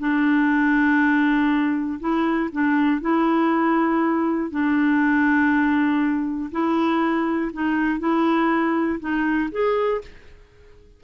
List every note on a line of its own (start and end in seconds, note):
0.00 2.00 D4
2.00 2.50 E4
2.53 3.01 D4
3.01 4.51 E4
4.51 6.51 D4
6.52 7.52 E4
7.53 8.00 D#4
8.00 9.00 E4
9.00 9.50 D#4
9.52 10.02 G#4